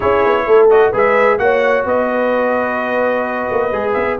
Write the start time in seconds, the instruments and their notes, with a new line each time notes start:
0.00 tuba C#4, trombone E4, horn G#4, trumpet C#5
0.25 tuba B3
0.46 tuba A3, horn A4
0.69 trombone F#4, trumpet D#5
0.91 tuba G#3, trombone G#4, horn B4
0.97 trumpet E5
1.38 tuba A#3, trombone F#4, horn C#5, trumpet F#5
1.85 tuba B3, horn B4, trumpet D#5
3.50 tuba A#3
3.71 tuba G#3, trombone G#4
3.93 tuba B3, trumpet E5